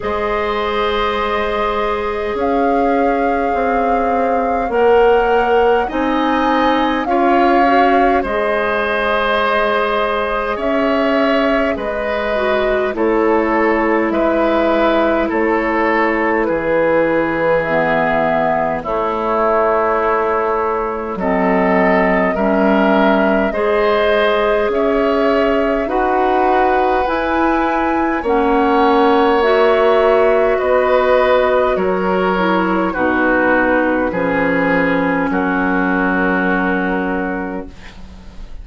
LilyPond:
<<
  \new Staff \with { instrumentName = "flute" } { \time 4/4 \tempo 4 = 51 dis''2 f''2 | fis''4 gis''4 f''4 dis''4~ | dis''4 e''4 dis''4 cis''4 | e''4 cis''4 b'4 e''4 |
cis''2 dis''4 e''4 | dis''4 e''4 fis''4 gis''4 | fis''4 e''4 dis''4 cis''4 | b'2 ais'2 | }
  \new Staff \with { instrumentName = "oboe" } { \time 4/4 c''2 cis''2~ | cis''4 dis''4 cis''4 c''4~ | c''4 cis''4 b'4 a'4 | b'4 a'4 gis'2 |
e'2 a'4 ais'4 | c''4 cis''4 b'2 | cis''2 b'4 ais'4 | fis'4 gis'4 fis'2 | }
  \new Staff \with { instrumentName = "clarinet" } { \time 4/4 gis'1 | ais'4 dis'4 f'8 fis'8 gis'4~ | gis'2~ gis'8 fis'8 e'4~ | e'2. b4 |
a2 c'4 cis'4 | gis'2 fis'4 e'4 | cis'4 fis'2~ fis'8 e'8 | dis'4 cis'2. | }
  \new Staff \with { instrumentName = "bassoon" } { \time 4/4 gis2 cis'4 c'4 | ais4 c'4 cis'4 gis4~ | gis4 cis'4 gis4 a4 | gis4 a4 e2 |
a2 fis4 g4 | gis4 cis'4 dis'4 e'4 | ais2 b4 fis4 | b,4 f4 fis2 | }
>>